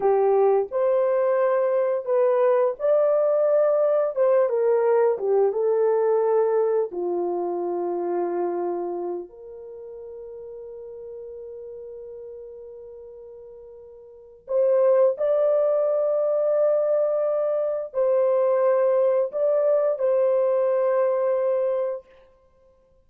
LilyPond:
\new Staff \with { instrumentName = "horn" } { \time 4/4 \tempo 4 = 87 g'4 c''2 b'4 | d''2 c''8 ais'4 g'8 | a'2 f'2~ | f'4. ais'2~ ais'8~ |
ais'1~ | ais'4 c''4 d''2~ | d''2 c''2 | d''4 c''2. | }